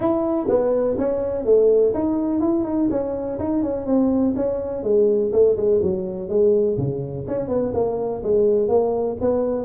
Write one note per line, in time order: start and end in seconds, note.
0.00 0.47 E4
0.48 0.97 B3
0.98 1.45 C#4
1.45 1.93 A3
1.94 2.40 D#4
2.40 2.64 E4
2.64 2.88 D#4
2.90 3.38 C#4
3.39 3.62 D#4
3.62 3.86 C#4
3.86 4.34 C4
4.35 4.83 C#4
4.83 5.31 G#3
5.32 5.56 A3
5.56 5.80 G#3
5.82 6.28 F#3
6.28 6.77 G#3
6.77 7.26 C#3
7.27 7.48 C#4
7.48 7.72 B3
7.74 8.22 A#3
8.23 8.68 G#3
8.68 9.16 A#3
9.20 9.65 B3